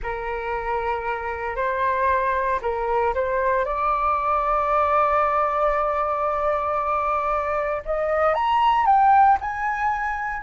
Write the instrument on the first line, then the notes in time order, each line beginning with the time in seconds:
flute
0.02 A#4
1.55 C5
2.62 A#4
3.14 C5
3.65 D5
7.85 D#5
8.34 A#5
8.86 G5
9.40 G#5